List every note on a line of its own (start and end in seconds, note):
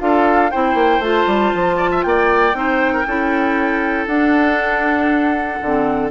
0.00 0.52 D4
0.00 0.51 F4
0.00 0.52 A4
0.00 0.51 F5
0.51 0.75 C4
0.51 1.03 E4
0.51 1.77 C5
0.51 1.02 G5
0.75 0.99 A#3
0.99 1.25 A3
0.99 2.54 F4
0.99 2.03 A5
1.27 1.52 G3
1.55 2.05 F3
1.77 1.90 D5
1.92 2.04 E5
2.03 2.54 A#3
2.03 2.58 D5
2.03 4.06 G5
2.54 3.05 C4
2.54 3.05 D#4
2.54 2.94 C5
2.94 3.06 A#4
3.07 4.07 C#4
3.07 4.09 E4
3.07 6.11 A4
4.07 5.60 D4
4.07 5.61 D4
4.07 6.11 F#5
5.62 6.11 D3
5.62 6.11 C4